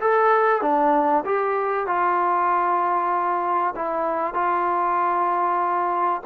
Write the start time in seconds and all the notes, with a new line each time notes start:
0.00 A4
0.61 D4
1.25 G4
1.87 F4
3.76 E4
4.34 F4